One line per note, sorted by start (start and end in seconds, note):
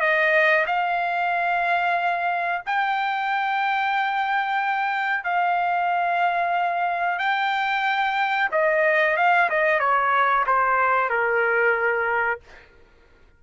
0.00 0.65 D#5
0.66 2.62 F5
2.66 5.24 G5
5.24 7.19 F5
7.19 8.49 G5
8.51 9.17 D#5
9.17 9.49 F5
9.50 9.79 D#5
9.79 10.45 C#5
10.46 11.09 C5
11.09 12.40 A#4